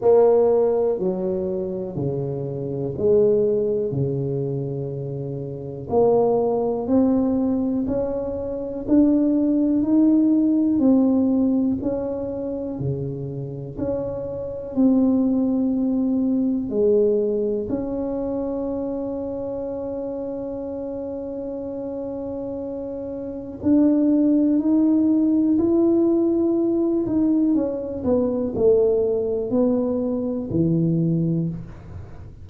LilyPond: \new Staff \with { instrumentName = "tuba" } { \time 4/4 \tempo 4 = 61 ais4 fis4 cis4 gis4 | cis2 ais4 c'4 | cis'4 d'4 dis'4 c'4 | cis'4 cis4 cis'4 c'4~ |
c'4 gis4 cis'2~ | cis'1 | d'4 dis'4 e'4. dis'8 | cis'8 b8 a4 b4 e4 | }